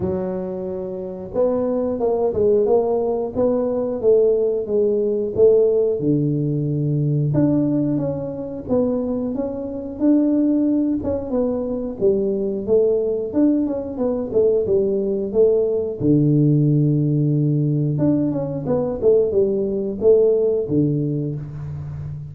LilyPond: \new Staff \with { instrumentName = "tuba" } { \time 4/4 \tempo 4 = 90 fis2 b4 ais8 gis8 | ais4 b4 a4 gis4 | a4 d2 d'4 | cis'4 b4 cis'4 d'4~ |
d'8 cis'8 b4 g4 a4 | d'8 cis'8 b8 a8 g4 a4 | d2. d'8 cis'8 | b8 a8 g4 a4 d4 | }